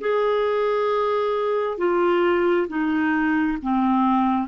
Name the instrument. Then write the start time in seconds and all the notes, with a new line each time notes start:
clarinet
0.00 G#4
1.77 F4
2.68 D#4
3.62 C4